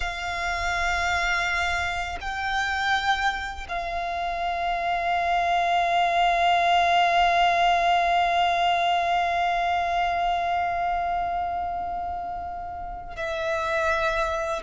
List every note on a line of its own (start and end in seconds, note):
0.00 2.18 F5
2.21 3.67 G5
3.68 13.16 F5
13.16 14.62 E5